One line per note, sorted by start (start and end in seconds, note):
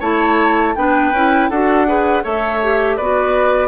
0.00 0.75 A3
0.00 0.75 E4
0.00 0.74 C#5
0.00 0.75 A5
0.75 1.12 B3
0.75 1.13 D4
0.75 1.50 B4
0.75 1.49 G5
1.12 1.50 C#4
1.12 1.52 E4
1.50 2.24 D4
1.50 1.87 F#4
1.50 1.87 A4
1.50 2.24 F#5
1.87 2.23 G#4
1.87 2.23 B4
2.23 2.99 A3
2.23 2.60 A4
2.23 2.97 C#5
2.23 2.97 E5
2.62 3.00 G4
2.97 3.68 B3
2.97 3.68 F#4
2.97 3.68 B4
2.97 3.68 D5